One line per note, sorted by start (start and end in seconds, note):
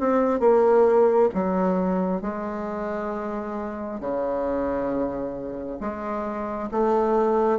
0.00 0.40 C4
0.40 1.30 A#3
1.34 2.22 F#3
2.22 4.01 G#3
4.01 5.80 C#3
5.80 6.70 G#3
6.72 7.60 A3